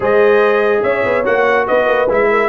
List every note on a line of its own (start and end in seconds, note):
0.00 0.82 G#3
0.00 1.24 G#4
0.00 0.81 C5
0.00 0.83 D#5
0.82 1.03 C#4
0.82 1.66 C#5
0.82 1.24 E5
1.04 1.25 B3
1.24 1.68 A#3
1.24 2.07 F#4
1.24 1.67 F#5
1.67 1.87 B3
1.67 2.29 B4
1.67 2.09 D#5
1.87 2.08 A#3
2.09 2.49 G#3
2.09 2.49 E4
2.09 2.49 E5
2.30 2.49 A#4